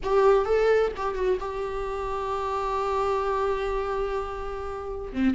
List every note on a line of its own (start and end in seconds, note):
0.03 0.45 G4
0.45 0.92 A4
0.96 1.14 G4
1.14 1.38 F#4
1.40 5.12 G4
5.12 5.34 C4